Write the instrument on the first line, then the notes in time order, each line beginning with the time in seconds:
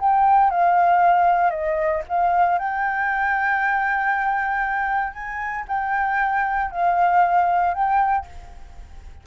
flute
0.00 G5
0.51 F5
1.51 D#5
2.09 F5
2.59 G5
5.14 G#5
5.68 G5
6.72 F5
7.74 G5